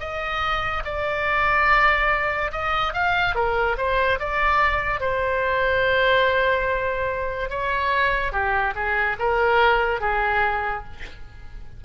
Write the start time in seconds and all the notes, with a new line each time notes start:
0.00 D#5
0.85 D5
2.52 D#5
2.94 F5
3.36 A#4
3.78 C5
4.20 D5
5.01 C5
7.50 C#5
8.33 G4
8.75 G#4
9.20 A#4
10.01 G#4